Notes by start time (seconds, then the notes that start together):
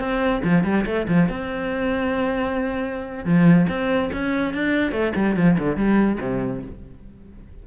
0.00 C4
0.44 F3
0.64 G3
0.86 A3
1.08 F3
1.29 C4
3.26 F3
3.69 C4
4.13 C#4
4.54 D4
4.92 A3
5.16 G3
5.37 F3
5.59 D3
5.77 G3
6.21 C3